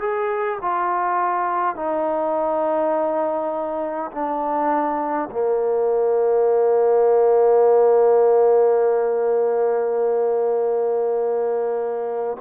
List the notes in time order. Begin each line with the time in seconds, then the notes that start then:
0.00 G#4
0.61 F4
1.75 D#4
4.12 D4
5.32 A#3